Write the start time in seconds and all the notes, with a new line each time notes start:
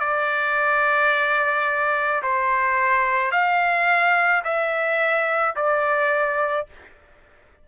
0.00 D5
2.23 C5
3.32 F5
4.44 E5
5.56 D5